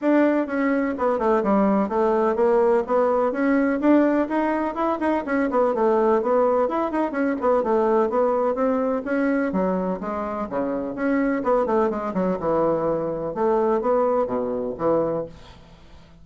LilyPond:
\new Staff \with { instrumentName = "bassoon" } { \time 4/4 \tempo 4 = 126 d'4 cis'4 b8 a8 g4 | a4 ais4 b4 cis'4 | d'4 dis'4 e'8 dis'8 cis'8 b8 | a4 b4 e'8 dis'8 cis'8 b8 |
a4 b4 c'4 cis'4 | fis4 gis4 cis4 cis'4 | b8 a8 gis8 fis8 e2 | a4 b4 b,4 e4 | }